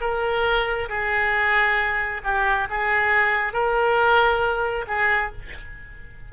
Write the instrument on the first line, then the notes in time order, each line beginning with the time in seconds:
oboe
0.00 A#4
0.89 G#4
2.23 G4
2.70 G#4
3.53 A#4
4.87 G#4